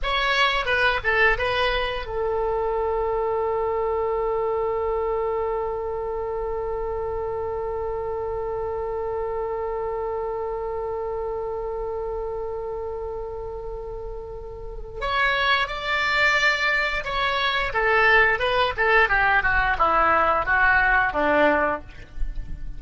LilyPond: \new Staff \with { instrumentName = "oboe" } { \time 4/4 \tempo 4 = 88 cis''4 b'8 a'8 b'4 a'4~ | a'1~ | a'1~ | a'1~ |
a'1~ | a'2 cis''4 d''4~ | d''4 cis''4 a'4 b'8 a'8 | g'8 fis'8 e'4 fis'4 d'4 | }